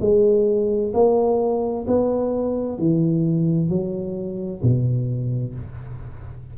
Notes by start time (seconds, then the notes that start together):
0.00 G#3
0.93 A#3
1.87 B3
2.78 E3
3.69 F#3
4.62 B2